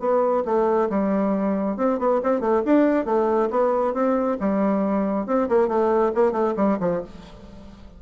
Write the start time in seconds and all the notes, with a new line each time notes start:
0.00 B3
0.45 A3
0.90 G3
1.77 C4
1.99 B3
2.23 C4
2.41 A3
2.65 D4
3.06 A3
3.51 B3
3.94 C4
4.40 G3
5.27 C4
5.49 A#3
5.69 A3
6.15 A#3
6.32 A3
6.57 G3
6.80 F3